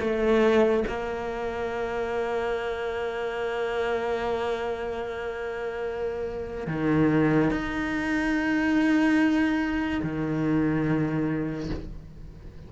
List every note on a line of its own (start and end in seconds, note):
0.00 0.83 A3
0.87 6.67 A#3
6.67 7.50 D#3
7.50 10.00 D#4
10.03 11.70 D#3